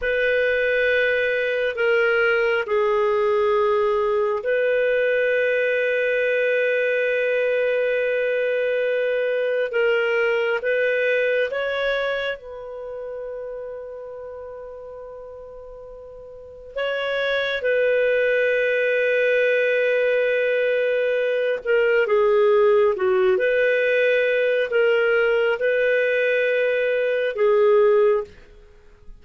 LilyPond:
\new Staff \with { instrumentName = "clarinet" } { \time 4/4 \tempo 4 = 68 b'2 ais'4 gis'4~ | gis'4 b'2.~ | b'2. ais'4 | b'4 cis''4 b'2~ |
b'2. cis''4 | b'1~ | b'8 ais'8 gis'4 fis'8 b'4. | ais'4 b'2 gis'4 | }